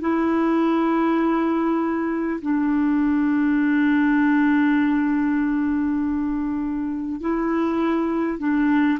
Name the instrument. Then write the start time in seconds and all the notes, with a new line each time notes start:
clarinet
0.00 E4
2.41 D4
7.21 E4
8.38 D4